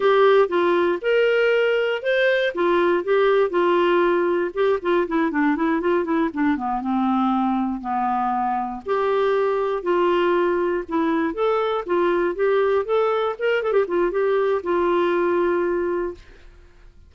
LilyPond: \new Staff \with { instrumentName = "clarinet" } { \time 4/4 \tempo 4 = 119 g'4 f'4 ais'2 | c''4 f'4 g'4 f'4~ | f'4 g'8 f'8 e'8 d'8 e'8 f'8 | e'8 d'8 b8 c'2 b8~ |
b4. g'2 f'8~ | f'4. e'4 a'4 f'8~ | f'8 g'4 a'4 ais'8 a'16 g'16 f'8 | g'4 f'2. | }